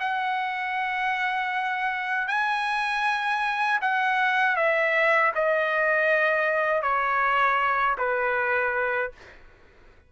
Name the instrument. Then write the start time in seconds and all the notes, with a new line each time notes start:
trumpet
0.00 F#5
2.28 G#5
3.82 F#5
4.56 E5
5.35 D#5
6.83 C#5
7.98 B4